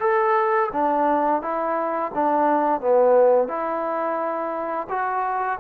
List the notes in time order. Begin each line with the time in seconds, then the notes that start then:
0.00 A4
0.73 D4
1.42 E4
2.14 D4
2.81 B3
3.48 E4
4.89 F#4